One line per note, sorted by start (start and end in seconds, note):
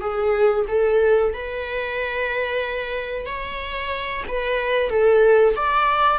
0.00 0.65 G#4
0.68 1.33 A4
1.33 3.25 B4
3.25 4.23 C#5
4.27 4.89 B4
4.89 5.54 A4
5.55 6.18 D5